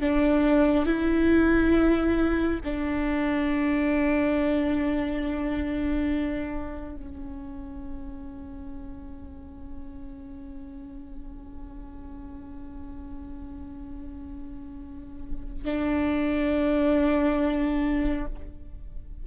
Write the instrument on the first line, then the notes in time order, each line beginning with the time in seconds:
viola
0.00 D4
0.86 E4
2.64 D4
6.96 C#4
15.65 D4